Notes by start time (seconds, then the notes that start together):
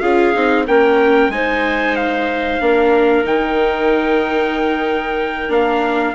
0.00 C#4 F4 G#4 F5
0.34 C4 D#4
0.67 A#3 C#4 A#4 G5
1.29 G#3 D#4 C5 G#5
1.96 F5
2.61 A#3 D4 A#4
3.25 D#3 D#4 G5
5.49 A#3 D4 F5